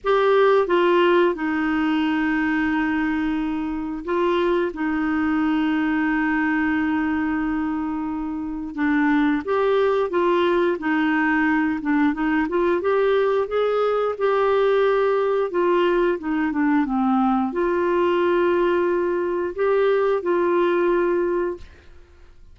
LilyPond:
\new Staff \with { instrumentName = "clarinet" } { \time 4/4 \tempo 4 = 89 g'4 f'4 dis'2~ | dis'2 f'4 dis'4~ | dis'1~ | dis'4 d'4 g'4 f'4 |
dis'4. d'8 dis'8 f'8 g'4 | gis'4 g'2 f'4 | dis'8 d'8 c'4 f'2~ | f'4 g'4 f'2 | }